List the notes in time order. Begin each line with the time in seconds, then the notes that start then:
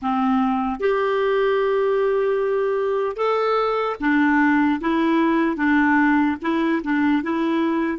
0.02 C4
0.80 G4
3.16 A4
4.00 D4
4.80 E4
5.56 D4
6.42 E4
6.84 D4
7.22 E4